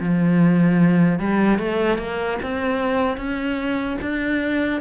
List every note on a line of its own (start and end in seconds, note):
0.00 1.20 F3
1.20 1.59 G3
1.59 1.98 A3
1.98 2.38 A#3
2.43 3.17 C4
3.17 3.97 C#4
4.02 4.81 D4